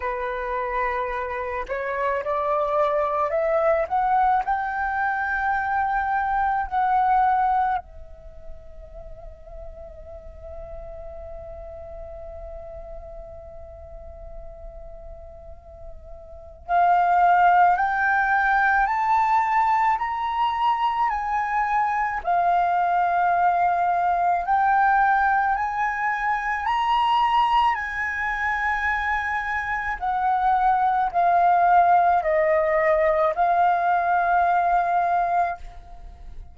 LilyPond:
\new Staff \with { instrumentName = "flute" } { \time 4/4 \tempo 4 = 54 b'4. cis''8 d''4 e''8 fis''8 | g''2 fis''4 e''4~ | e''1~ | e''2. f''4 |
g''4 a''4 ais''4 gis''4 | f''2 g''4 gis''4 | ais''4 gis''2 fis''4 | f''4 dis''4 f''2 | }